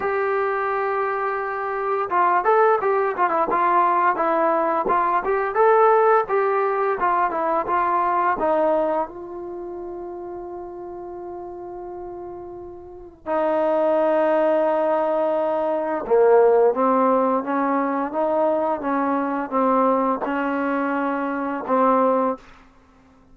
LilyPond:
\new Staff \with { instrumentName = "trombone" } { \time 4/4 \tempo 4 = 86 g'2. f'8 a'8 | g'8 f'16 e'16 f'4 e'4 f'8 g'8 | a'4 g'4 f'8 e'8 f'4 | dis'4 f'2.~ |
f'2. dis'4~ | dis'2. ais4 | c'4 cis'4 dis'4 cis'4 | c'4 cis'2 c'4 | }